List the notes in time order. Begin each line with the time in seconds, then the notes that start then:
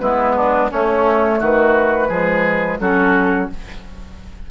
0.00 G#3 B3 E4 B4
0.36 D4
0.70 A3 C#4 C#5
1.39 D#3 F#4 B4
2.08 F3 G#3 G#4
2.79 F#3 C#4 F#4 A4